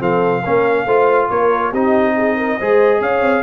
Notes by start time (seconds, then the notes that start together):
0.00 F3 C4 A4 F5
0.43 A#3 C#4 A#4
0.86 A3 F4 C5
1.30 A#3 A#4 C#5
1.70 C4 D#4 G4 D#5
2.16 G#4
2.37 A#4
2.59 G#3 G#4 C5
3.01 C#4 C#5 F5
3.21 C4